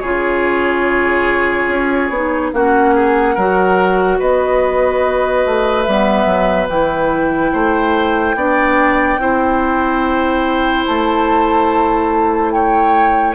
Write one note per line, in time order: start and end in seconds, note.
0.00 1.68 C#3
0.00 2.12 F4
0.00 2.51 G#4
0.00 2.50 C#5
1.68 2.10 C#4
2.10 2.51 B3
2.10 2.54 D#4
2.53 3.36 A#3
2.53 3.37 C#4
2.53 2.94 F#4
2.53 4.20 F#5
2.94 3.34 G#4
3.34 4.20 F#3
3.34 5.87 F#4
3.34 4.18 A#4
4.19 5.45 B3
4.19 7.52 B4
4.19 5.83 D#5
5.45 5.87 A3
5.83 6.26 G3
5.83 6.69 B3
5.83 6.66 E5
6.26 6.67 F#3
6.68 7.52 E3
6.68 8.36 E4
6.68 10.86 G5
7.52 8.35 A3
7.52 8.35 C5
8.35 9.18 B3
8.35 9.19 D4
8.35 9.20 D5
9.18 10.85 C4
9.18 13.35 E4
9.18 12.53 C5
10.86 13.35 A3
10.86 12.51 A5
12.51 13.35 C#5
12.51 13.34 G5